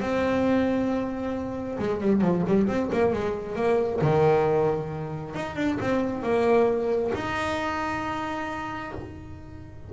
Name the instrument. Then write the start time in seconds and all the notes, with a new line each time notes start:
double bass
0.00 C4
1.79 G#3
2.00 G3
2.21 F3
2.47 G3
2.67 C4
2.92 A#3
3.13 G#3
3.56 A#3
4.01 D#3
5.35 D#4
5.56 D4
5.80 C4
6.23 A#3
7.14 D#4